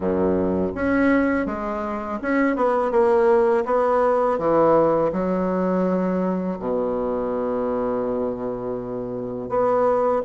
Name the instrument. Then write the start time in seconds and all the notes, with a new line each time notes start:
bassoon
0.00 F#2
0.75 C#4
1.46 G#3
2.22 C#4
2.56 B3
2.91 A#3
3.65 B3
4.38 E3
5.12 F#3
6.59 B2
9.49 B3